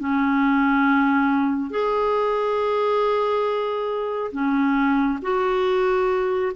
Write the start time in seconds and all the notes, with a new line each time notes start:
0.00 C#4
1.71 G#4
4.32 C#4
5.23 F#4